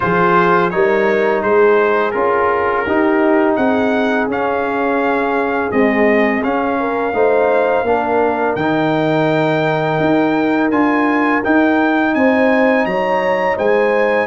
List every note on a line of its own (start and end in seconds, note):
0.00 0.73 F3
0.00 0.70 F4
0.00 0.73 G#4
0.00 0.70 C5
0.70 1.43 G3
0.70 2.13 D#4
0.70 1.43 A#4
0.70 1.41 C#5
1.43 2.14 G#3
1.43 2.86 G#4
1.43 2.11 C5
2.11 2.85 C#4
2.11 2.85 F4
2.11 3.54 A#4
2.86 3.57 D#4
2.86 4.30 D#4
2.86 3.57 G4
3.56 4.27 C4
3.56 6.78 G#4
3.56 4.27 F#5
4.27 5.70 C#4
4.27 5.71 C#4
4.27 5.71 F5
5.71 6.42 G#3
5.71 6.43 C4
5.71 6.43 D#5
6.43 7.13 C#4
6.43 8.55 F5
6.79 7.14 A#4
7.13 7.82 A3
7.13 7.85 D#4
7.13 7.86 C5
7.82 8.54 A#3
7.82 8.57 D4
7.82 12.14 A#4
8.55 9.98 D#3
8.55 10.71 D#4
8.55 10.70 G5
10.00 10.70 D#4
10.70 11.41 D4
10.70 11.43 F4
10.70 11.42 G#5
11.44 14.27 D#4
11.44 12.14 D#4
11.44 12.14 G5
12.14 12.85 C4
12.14 12.86 C5
12.14 12.85 G#5
12.85 13.57 F#3
12.85 13.57 C#5
12.85 13.57 A#5
13.57 14.27 G#3
13.57 14.27 C5
13.57 14.27 G#5